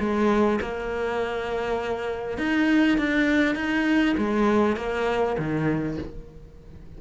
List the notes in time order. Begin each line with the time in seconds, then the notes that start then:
0.00 G#3
0.62 A#3
2.39 D#4
2.99 D4
3.56 D#4
4.18 G#3
4.77 A#3
5.39 D#3